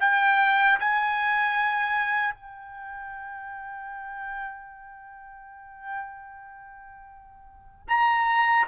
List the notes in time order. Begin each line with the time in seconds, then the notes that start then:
0.00 G5
0.79 G#5
2.34 G5
7.88 A#5